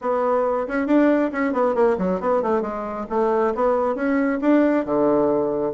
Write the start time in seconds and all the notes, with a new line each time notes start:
0.01 B3
0.67 C#4
0.86 D4
1.32 C#4
1.52 B3
1.74 A#3
1.98 F#3
2.20 B3
2.42 A3
2.61 G#3
3.09 A3
3.55 B3
3.95 C#4
4.41 D4
4.85 D3